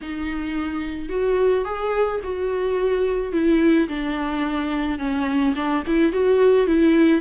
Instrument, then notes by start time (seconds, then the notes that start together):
viola
0.01 D#4
1.09 F#4
1.65 G#4
2.23 F#4
3.32 E4
3.88 D4
4.98 C#4
5.55 D4
5.87 E4
6.12 F#4
6.67 E4